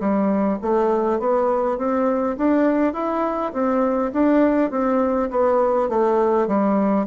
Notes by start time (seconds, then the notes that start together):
0.00 G3
0.62 A3
1.19 B3
1.78 C4
2.37 D4
2.93 E4
3.53 C4
4.13 D4
4.71 C4
5.30 B3
5.89 A3
6.48 G3